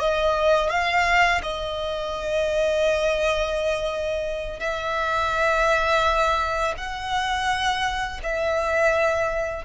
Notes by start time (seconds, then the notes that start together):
0.00 D#5
0.70 F5
1.43 D#5
4.60 E5
6.78 F#5
8.23 E5